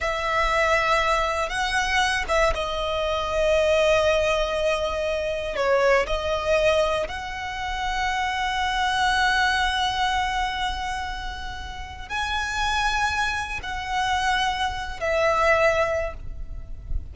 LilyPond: \new Staff \with { instrumentName = "violin" } { \time 4/4 \tempo 4 = 119 e''2. fis''4~ | fis''8 e''8 dis''2.~ | dis''2. cis''4 | dis''2 fis''2~ |
fis''1~ | fis''1 | gis''2. fis''4~ | fis''4.~ fis''16 e''2~ e''16 | }